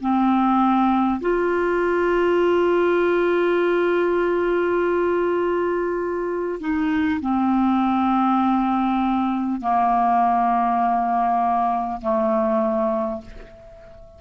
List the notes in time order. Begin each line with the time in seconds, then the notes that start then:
0.00 C4
1.20 F4
6.60 D#4
7.21 C4
9.60 A#3
12.01 A3